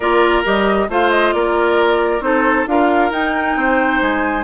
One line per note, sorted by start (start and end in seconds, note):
0.00 0.43 A#3
0.00 0.44 F4
0.00 0.87 A#4
0.00 0.43 D5
0.44 0.88 G3
0.44 0.89 G4
0.44 0.90 D#5
0.88 1.33 A3
0.88 2.21 F4
0.88 1.34 C5
0.88 1.10 F5
1.10 1.32 D#5
1.32 2.20 A#3
1.32 2.24 A#4
1.32 2.21 D5
2.20 2.64 C4
2.20 2.65 D#4
2.20 2.69 A4
2.20 2.66 C5
2.67 3.10 D4
2.67 3.11 F4
2.67 3.58 A#4
2.67 3.11 F5
3.10 3.55 D#4
3.10 4.43 D#4
3.10 4.01 G5
3.56 4.00 C4
3.56 4.43 C5
4.01 4.43 G#3
4.01 4.43 G#5